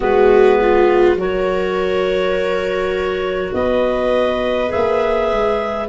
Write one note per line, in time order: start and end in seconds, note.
0.00 1.14 G#3
0.00 1.16 B3
0.00 0.58 F#4
0.00 1.18 B4
0.60 1.19 F4
1.14 3.50 F#3
1.14 4.68 F#4
1.14 3.54 A#4
1.14 3.53 C#5
3.53 4.71 B3
3.53 5.88 B4
3.53 4.70 D#5
4.68 5.31 A#3
4.68 5.85 G#4
4.68 5.88 E5
5.31 5.88 G#3